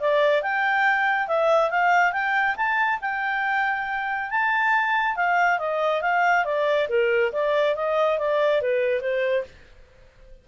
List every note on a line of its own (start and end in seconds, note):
0.00 0.42 D5
0.42 1.28 G5
1.28 1.71 E5
1.71 2.12 F5
2.12 2.56 G5
2.57 3.00 A5
3.01 4.30 G5
4.30 5.16 A5
5.16 5.59 F5
5.59 6.02 D#5
6.02 6.45 F5
6.45 6.88 D5
6.89 7.32 A#4
7.33 7.76 D5
7.76 8.18 D#5
8.18 8.62 D5
8.62 9.01 B4
9.01 9.44 C5